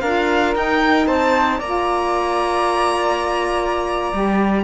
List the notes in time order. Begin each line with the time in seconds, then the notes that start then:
0.00 D4 F4 A#4 F5
0.55 D#4 G5
1.06 C4 C5 A5
1.58 A#3 F4 D5 A#5
4.12 G3 G4